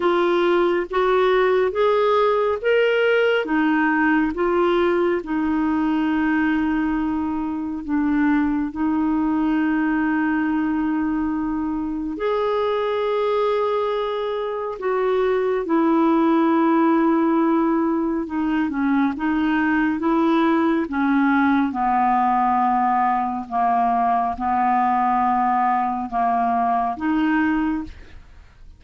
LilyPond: \new Staff \with { instrumentName = "clarinet" } { \time 4/4 \tempo 4 = 69 f'4 fis'4 gis'4 ais'4 | dis'4 f'4 dis'2~ | dis'4 d'4 dis'2~ | dis'2 gis'2~ |
gis'4 fis'4 e'2~ | e'4 dis'8 cis'8 dis'4 e'4 | cis'4 b2 ais4 | b2 ais4 dis'4 | }